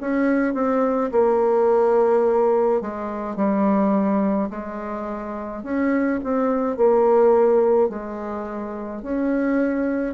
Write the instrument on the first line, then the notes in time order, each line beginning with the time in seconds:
bassoon
0.00 C#4
0.54 C4
1.11 A#3
2.81 G#3
3.36 G3
4.50 G#3
5.63 C#4
6.23 C4
6.77 A#3
7.89 G#3
9.02 C#4